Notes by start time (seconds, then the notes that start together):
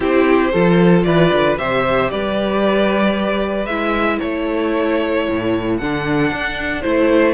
0.00 C4 E4 G4 C5
0.52 F3 F4 A4
1.03 E3 B4 D5
1.33 D3
1.57 C3 G4 C5 E5
2.10 G3 B4 D5
3.66 G#3 E4 E5
4.19 A3 A4 C#5
5.29 A2
5.77 D3 D4 F#5
6.31 D4
6.81 A3 E4 C5